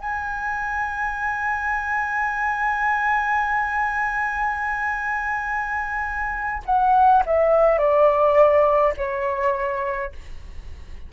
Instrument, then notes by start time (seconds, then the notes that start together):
flute
0.00 G#5
6.66 F#5
7.26 E5
7.79 D5
8.97 C#5